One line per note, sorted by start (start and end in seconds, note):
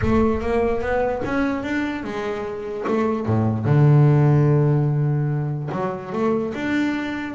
0.01 0.41 A3
0.41 0.81 A#3
0.81 1.21 B3
1.24 1.63 C#4
1.63 2.03 D4
2.03 2.85 G#3
2.87 3.25 A3
3.25 3.65 A2
3.65 5.69 D3
5.71 6.12 F#3
6.12 6.53 A3
6.54 7.34 D4